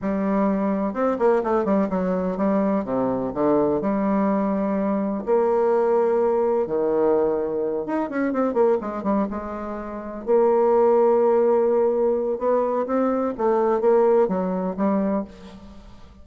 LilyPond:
\new Staff \with { instrumentName = "bassoon" } { \time 4/4 \tempo 4 = 126 g2 c'8 ais8 a8 g8 | fis4 g4 c4 d4 | g2. ais4~ | ais2 dis2~ |
dis8 dis'8 cis'8 c'8 ais8 gis8 g8 gis8~ | gis4. ais2~ ais8~ | ais2 b4 c'4 | a4 ais4 fis4 g4 | }